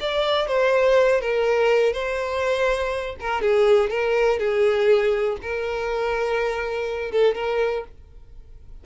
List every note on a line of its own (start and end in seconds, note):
0.00 0.47 D5
0.47 1.20 C5
1.20 1.93 A#4
1.93 3.16 C5
3.20 3.41 A#4
3.41 3.90 G#4
3.90 4.39 A#4
4.39 5.37 G#4
5.42 7.11 A#4
7.11 7.35 A4
7.35 7.84 A#4